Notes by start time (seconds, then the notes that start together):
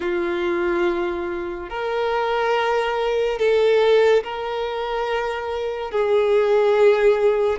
0.00 F4
1.69 A#4
3.38 A4
4.23 A#4
5.91 G#4